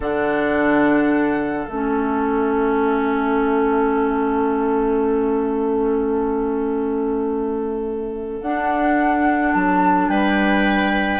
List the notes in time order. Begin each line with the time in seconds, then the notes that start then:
0.00 D3 D4 A4 F#5
1.67 A3 C#4 E5
8.41 D4 F#5
9.53 F#3 A5
10.08 G3 B4 G5